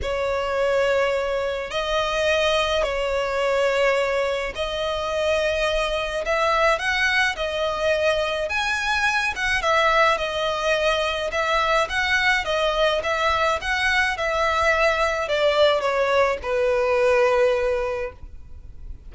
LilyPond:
\new Staff \with { instrumentName = "violin" } { \time 4/4 \tempo 4 = 106 cis''2. dis''4~ | dis''4 cis''2. | dis''2. e''4 | fis''4 dis''2 gis''4~ |
gis''8 fis''8 e''4 dis''2 | e''4 fis''4 dis''4 e''4 | fis''4 e''2 d''4 | cis''4 b'2. | }